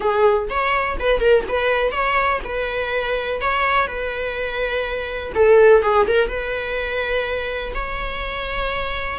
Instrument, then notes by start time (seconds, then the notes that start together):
viola
0.00 G#4
0.49 C#5
0.99 B4
1.20 A#4
1.48 B4
1.91 C#5
2.44 B4
3.41 C#5
3.87 B4
5.34 A4
5.82 G#4
6.07 A#4
6.27 B4
7.74 C#5